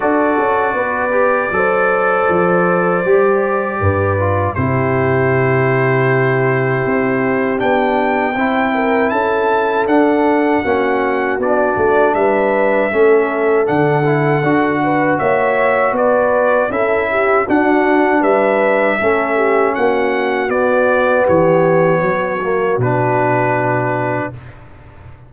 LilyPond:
<<
  \new Staff \with { instrumentName = "trumpet" } { \time 4/4 \tempo 4 = 79 d''1~ | d''2 c''2~ | c''2 g''2 | a''4 fis''2 d''4 |
e''2 fis''2 | e''4 d''4 e''4 fis''4 | e''2 fis''4 d''4 | cis''2 b'2 | }
  \new Staff \with { instrumentName = "horn" } { \time 4/4 a'4 b'4 c''2~ | c''4 b'4 g'2~ | g'2. c''8 ais'8 | a'2 fis'2 |
b'4 a'2~ a'8 b'8 | cis''4 b'4 a'8 g'8 fis'4 | b'4 a'8 g'8 fis'2 | g'4 fis'2. | }
  \new Staff \with { instrumentName = "trombone" } { \time 4/4 fis'4. g'8 a'2 | g'4. f'8 e'2~ | e'2 d'4 e'4~ | e'4 d'4 cis'4 d'4~ |
d'4 cis'4 d'8 e'8 fis'4~ | fis'2 e'4 d'4~ | d'4 cis'2 b4~ | b4. ais8 d'2 | }
  \new Staff \with { instrumentName = "tuba" } { \time 4/4 d'8 cis'8 b4 fis4 f4 | g4 g,4 c2~ | c4 c'4 b4 c'4 | cis'4 d'4 ais4 b8 a8 |
g4 a4 d4 d'4 | ais4 b4 cis'4 d'4 | g4 a4 ais4 b4 | e4 fis4 b,2 | }
>>